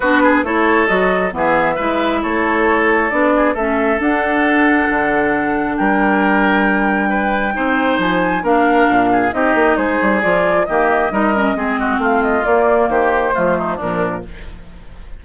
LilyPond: <<
  \new Staff \with { instrumentName = "flute" } { \time 4/4 \tempo 4 = 135 b'4 cis''4 dis''4 e''4~ | e''4 cis''2 d''4 | e''4 fis''2.~ | fis''4 g''2.~ |
g''2 gis''4 f''4~ | f''4 dis''4 c''4 d''4 | dis''2. f''8 dis''8 | d''4 c''2 ais'4 | }
  \new Staff \with { instrumentName = "oboe" } { \time 4/4 fis'8 gis'8 a'2 gis'4 | b'4 a'2~ a'8 gis'8 | a'1~ | a'4 ais'2. |
b'4 c''2 ais'4~ | ais'8 gis'8 g'4 gis'2 | g'4 ais'4 gis'8 fis'8 f'4~ | f'4 g'4 f'8 dis'8 d'4 | }
  \new Staff \with { instrumentName = "clarinet" } { \time 4/4 d'4 e'4 fis'4 b4 | e'2. d'4 | cis'4 d'2.~ | d'1~ |
d'4 dis'2 d'4~ | d'4 dis'2 f'4 | ais4 dis'8 cis'8 c'2 | ais2 a4 f4 | }
  \new Staff \with { instrumentName = "bassoon" } { \time 4/4 b4 a4 fis4 e4 | gis4 a2 b4 | a4 d'2 d4~ | d4 g2.~ |
g4 c'4 f4 ais4 | ais,4 c'8 ais8 gis8 g8 f4 | dis4 g4 gis4 a4 | ais4 dis4 f4 ais,4 | }
>>